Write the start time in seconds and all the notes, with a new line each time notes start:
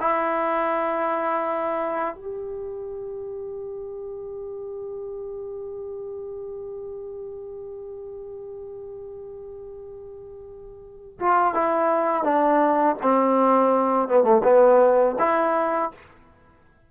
0.00 E4
2.16 G4
11.20 F4
11.54 E4
12.24 D4
13.03 C4
14.08 B3
14.24 A3
14.44 B3
15.19 E4